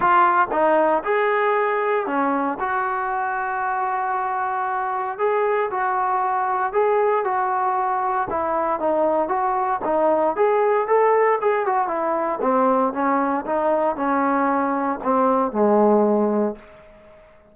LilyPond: \new Staff \with { instrumentName = "trombone" } { \time 4/4 \tempo 4 = 116 f'4 dis'4 gis'2 | cis'4 fis'2.~ | fis'2 gis'4 fis'4~ | fis'4 gis'4 fis'2 |
e'4 dis'4 fis'4 dis'4 | gis'4 a'4 gis'8 fis'8 e'4 | c'4 cis'4 dis'4 cis'4~ | cis'4 c'4 gis2 | }